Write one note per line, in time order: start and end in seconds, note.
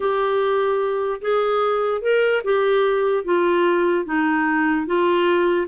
0.00 1.20 G4
1.21 2.01 G#4
2.01 2.42 A#4
2.44 3.24 G4
3.24 4.05 F4
4.05 4.86 D#4
4.86 5.67 F4